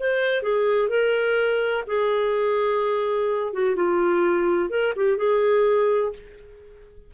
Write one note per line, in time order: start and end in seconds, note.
0.00 0.43 C5
0.43 0.89 G#4
0.89 1.85 A#4
1.87 3.54 G#4
3.54 3.76 F#4
3.76 4.70 F4
4.70 4.94 A#4
4.97 5.18 G4
5.18 6.13 G#4